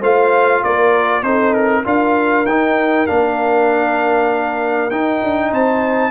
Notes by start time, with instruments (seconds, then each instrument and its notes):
0.00 tuba A3, trombone F4, horn C5, trumpet F5
0.63 tuba A#3, horn A#4, trumpet D5
1.22 tuba C4, trombone D#4, horn A4, trumpet C5
1.53 trumpet A#4
1.83 tuba D4, trombone F4, horn A#4, trumpet F5
2.45 tuba D#4, trombone D#4, trumpet G5
3.06 tuba A#3, trombone D4, trumpet F5
4.90 tuba D#4, trombone D#4, trumpet G5
5.23 tuba D4
5.50 tuba C4, horn C5, trumpet A5